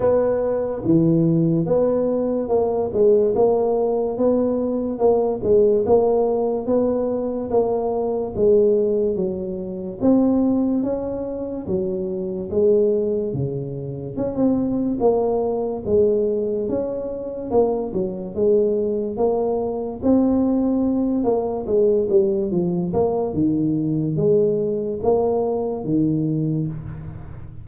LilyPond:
\new Staff \with { instrumentName = "tuba" } { \time 4/4 \tempo 4 = 72 b4 e4 b4 ais8 gis8 | ais4 b4 ais8 gis8 ais4 | b4 ais4 gis4 fis4 | c'4 cis'4 fis4 gis4 |
cis4 cis'16 c'8. ais4 gis4 | cis'4 ais8 fis8 gis4 ais4 | c'4. ais8 gis8 g8 f8 ais8 | dis4 gis4 ais4 dis4 | }